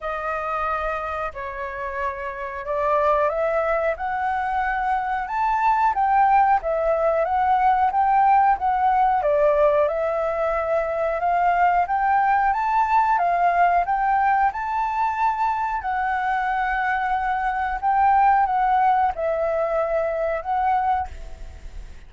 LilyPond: \new Staff \with { instrumentName = "flute" } { \time 4/4 \tempo 4 = 91 dis''2 cis''2 | d''4 e''4 fis''2 | a''4 g''4 e''4 fis''4 | g''4 fis''4 d''4 e''4~ |
e''4 f''4 g''4 a''4 | f''4 g''4 a''2 | fis''2. g''4 | fis''4 e''2 fis''4 | }